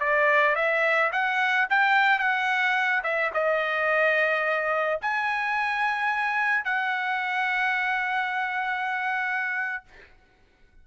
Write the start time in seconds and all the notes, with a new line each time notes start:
0.00 D5
0.56 E5
1.13 F#5
1.70 G5
2.19 F#5
3.04 E5
3.34 D#5
5.02 G#5
6.65 F#5